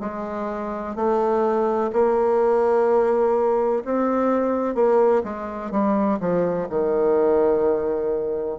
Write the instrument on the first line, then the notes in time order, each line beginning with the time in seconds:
bassoon
0.00 G#3
0.95 A3
1.93 A#3
3.85 C4
4.74 A#3
5.23 G#3
5.71 G3
6.19 F3
6.70 D#3